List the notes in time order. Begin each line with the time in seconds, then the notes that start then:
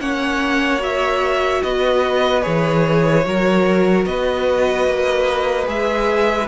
0.00 A#3 C#4 C#5 F#5
0.79 F#4 E5
1.63 B3 B4 D#5
2.43 E3 G#4 C#5
3.24 F#3 F#4 A#4
4.06 B3 B4 D#5
4.87 A#3
5.66 G#3 G#4 E5